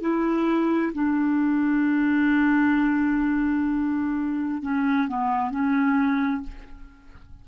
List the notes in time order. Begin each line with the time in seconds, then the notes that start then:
0.00 E4
0.93 D4
4.62 C#4
5.08 B3
5.50 C#4